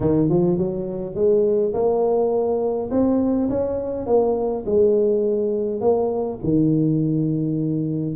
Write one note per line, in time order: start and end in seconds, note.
0.00 0.29 D#3
0.29 0.57 F3
0.57 1.15 F#3
1.15 1.73 G#3
1.73 2.90 A#3
2.90 3.49 C4
3.49 4.06 C#4
4.06 4.64 A#3
4.65 5.81 G#3
5.81 6.39 A#3
6.43 8.15 D#3